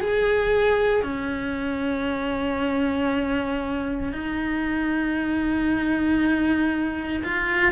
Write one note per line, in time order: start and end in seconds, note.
0.00 1.03 G#4
1.03 4.12 C#4
4.12 7.23 D#4
7.23 7.72 F4